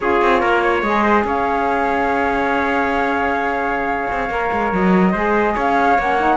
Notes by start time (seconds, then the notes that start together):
0.00 C#4 F4 G#4 C#5
0.21 C4
0.40 A#3 A#4
0.63 C#5
0.82 G#3 G#4 D#5
1.03 C5
1.24 C#4 C#5 F5
4.11 C4
4.29 A#3 A#4
4.51 G#3
4.72 F#3 D#5
5.11 G#3 G#4 C5
5.54 C#4 C#5 F5
5.98 A#3 C#4 F#5
6.19 D#4